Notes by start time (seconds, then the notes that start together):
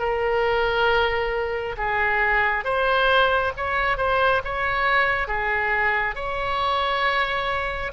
0.00 A#4
1.78 G#4
2.65 C5
3.57 C#5
3.98 C5
4.45 C#5
5.28 G#4
6.16 C#5